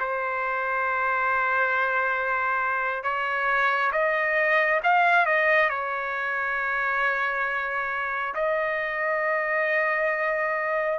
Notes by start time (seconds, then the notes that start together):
0.00 C5
3.03 C#5
3.92 D#5
4.83 F5
5.26 D#5
5.70 C#5
8.35 D#5